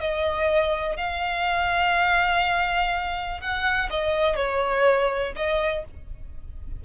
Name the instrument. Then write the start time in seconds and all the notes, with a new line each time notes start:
violin
0.00 D#5
0.97 F5
3.41 F#5
3.90 D#5
4.36 C#5
5.36 D#5